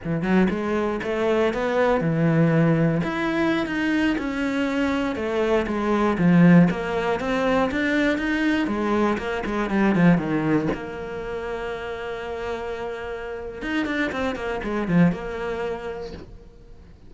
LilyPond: \new Staff \with { instrumentName = "cello" } { \time 4/4 \tempo 4 = 119 e8 fis8 gis4 a4 b4 | e2 e'4~ e'16 dis'8.~ | dis'16 cis'2 a4 gis8.~ | gis16 f4 ais4 c'4 d'8.~ |
d'16 dis'4 gis4 ais8 gis8 g8 f16~ | f16 dis4 ais2~ ais8.~ | ais2. dis'8 d'8 | c'8 ais8 gis8 f8 ais2 | }